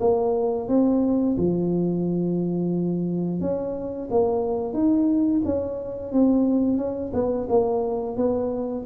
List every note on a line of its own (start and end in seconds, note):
0.00 0.68 A#3
0.68 1.36 C4
1.37 3.40 F3
3.40 4.08 C#4
4.10 4.73 A#3
4.73 5.41 D#4
5.45 6.12 C#4
6.12 6.77 C4
6.77 7.11 C#4
7.13 7.47 B3
7.49 8.16 A#3
8.16 8.85 B3